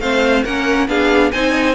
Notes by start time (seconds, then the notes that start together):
0.00 A3 C4 C5 F5
0.44 A#3 C#4 A#4 F#5
0.88 B3 D4 G#4 F5
1.31 C4 D#4 C5 G#5
1.52 D#5
1.66 C5